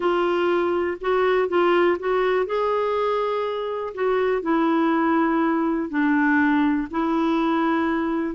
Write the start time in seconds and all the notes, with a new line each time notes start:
0.00 F4
1.01 F#4
1.48 F4
1.99 F#4
2.46 G#4
3.94 F#4
4.42 E4
5.89 D4
6.90 E4